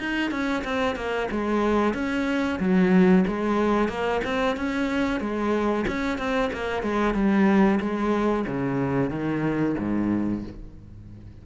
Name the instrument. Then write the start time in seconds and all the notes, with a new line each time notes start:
cello
0.00 D#4
0.31 C#4
0.65 C4
0.96 A#3
1.32 G#3
1.94 C#4
2.60 F#3
3.28 G#3
3.89 A#3
4.25 C4
4.57 C#4
5.21 G#3
5.88 C#4
6.19 C4
6.54 A#3
6.83 G#3
7.15 G3
7.81 G#3
8.48 C#3
9.11 D#3
9.79 G#2